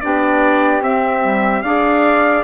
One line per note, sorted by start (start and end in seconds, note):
0.00 0.81 B3
0.00 0.82 D4
0.00 1.63 G4
0.00 0.81 D5
0.81 1.62 C4
0.81 1.21 C4
0.81 1.62 E5
1.21 1.62 G3
1.62 2.43 D4
1.62 2.43 G#4
1.62 2.43 D5
1.62 2.43 F5